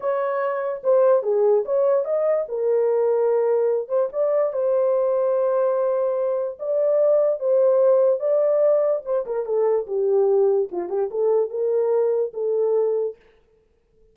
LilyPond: \new Staff \with { instrumentName = "horn" } { \time 4/4 \tempo 4 = 146 cis''2 c''4 gis'4 | cis''4 dis''4 ais'2~ | ais'4. c''8 d''4 c''4~ | c''1 |
d''2 c''2 | d''2 c''8 ais'8 a'4 | g'2 f'8 g'8 a'4 | ais'2 a'2 | }